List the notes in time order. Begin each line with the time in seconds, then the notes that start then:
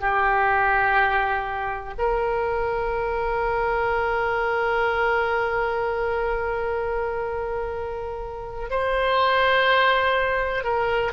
0.00 G4
1.98 A#4
8.70 C5
10.64 A#4